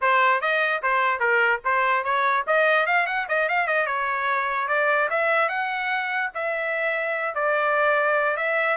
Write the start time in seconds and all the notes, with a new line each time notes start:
0.01 C5
0.41 D#5
0.82 C5
1.19 A#4
1.64 C5
2.04 C#5
2.46 D#5
2.86 F5
3.06 F#5
3.28 D#5
3.48 F5
3.67 D#5
3.86 C#5
4.68 D5
5.10 E5
5.48 F#5
6.34 E5
7.34 D5
8.36 E5